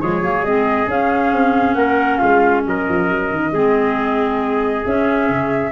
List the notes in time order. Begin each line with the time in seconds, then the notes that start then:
0.00 F3 G#3 G#4 C#5
0.22 F#3 A#3
0.42 G#3 C4 D#5
0.87 C#4 F5
1.32 C4
1.74 A#3 A#4 F#5
2.17 G#3 F4 F5
2.66 F#3 A#4 D#5
2.89 F3
3.09 F#3
3.31 D#3
3.51 G#3 C4 G#4
4.85 C#4 E5
5.29 C#3